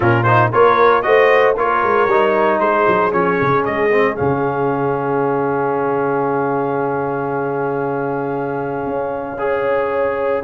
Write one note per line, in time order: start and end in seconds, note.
0.00 0.52 A#2
0.00 0.23 C#4
0.00 0.51 F4
0.00 0.23 A#4
0.23 0.52 D#4
0.23 0.49 C5
0.52 1.05 A#3
0.52 1.03 F4
0.52 1.04 A#4
0.52 1.02 C#5
1.02 1.57 A3
1.02 1.55 F#4
1.02 1.56 C5
1.02 1.54 D#5
1.56 1.83 A#3
1.56 2.09 F4
1.56 2.61 A#4
1.56 2.59 C#5
1.83 2.07 G#3
2.07 2.59 G3
2.07 3.11 D#4
2.59 2.85 G#3
2.59 9.40 G#4
2.59 3.11 C5
2.87 3.13 F#3
3.11 3.39 F3
3.11 3.90 C#4
3.11 3.64 C#5
3.41 3.67 C#3
3.64 4.19 G#3
3.64 4.16 D#5
3.91 4.15 C4
4.15 8.86 C#3
4.15 9.37 C#4
4.15 10.42 F5
8.86 10.42 C#4
9.38 10.43 G#4
9.38 10.43 C#5